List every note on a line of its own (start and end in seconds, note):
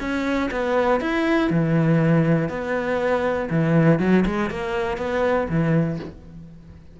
0.00 0.50 C#4
0.51 1.01 B3
1.01 1.50 E4
1.50 2.49 E3
2.49 3.49 B3
3.50 4.00 E3
4.00 4.25 F#3
4.26 4.50 G#3
4.50 4.97 A#3
4.97 5.47 B3
5.50 6.00 E3